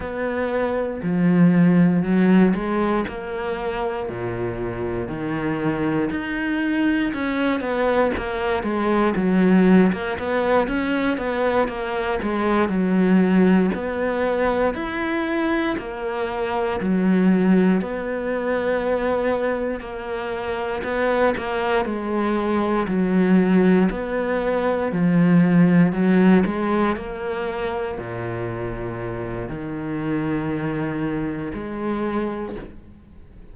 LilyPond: \new Staff \with { instrumentName = "cello" } { \time 4/4 \tempo 4 = 59 b4 f4 fis8 gis8 ais4 | ais,4 dis4 dis'4 cis'8 b8 | ais8 gis8 fis8. ais16 b8 cis'8 b8 ais8 | gis8 fis4 b4 e'4 ais8~ |
ais8 fis4 b2 ais8~ | ais8 b8 ais8 gis4 fis4 b8~ | b8 f4 fis8 gis8 ais4 ais,8~ | ais,4 dis2 gis4 | }